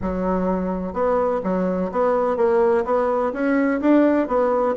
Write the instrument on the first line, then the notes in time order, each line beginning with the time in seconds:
bassoon
0.01 F#3
0.93 B3
1.43 F#3
1.91 B3
2.36 A#3
2.84 B3
3.32 C#4
3.81 D4
4.27 B3